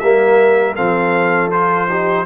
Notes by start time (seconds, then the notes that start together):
0.00 G3 A#3 A#4 E5
0.76 F3 C4 A4 F5
1.51 F4 C5
1.89 D#4 G4